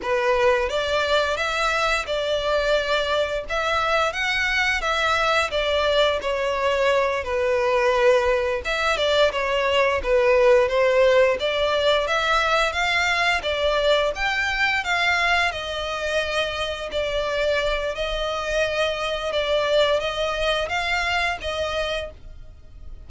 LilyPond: \new Staff \with { instrumentName = "violin" } { \time 4/4 \tempo 4 = 87 b'4 d''4 e''4 d''4~ | d''4 e''4 fis''4 e''4 | d''4 cis''4. b'4.~ | b'8 e''8 d''8 cis''4 b'4 c''8~ |
c''8 d''4 e''4 f''4 d''8~ | d''8 g''4 f''4 dis''4.~ | dis''8 d''4. dis''2 | d''4 dis''4 f''4 dis''4 | }